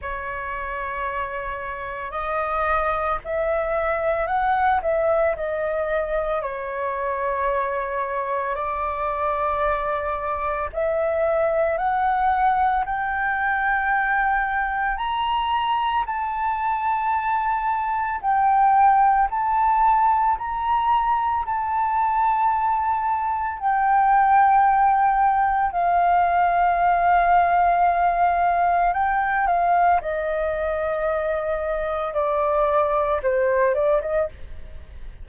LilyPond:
\new Staff \with { instrumentName = "flute" } { \time 4/4 \tempo 4 = 56 cis''2 dis''4 e''4 | fis''8 e''8 dis''4 cis''2 | d''2 e''4 fis''4 | g''2 ais''4 a''4~ |
a''4 g''4 a''4 ais''4 | a''2 g''2 | f''2. g''8 f''8 | dis''2 d''4 c''8 d''16 dis''16 | }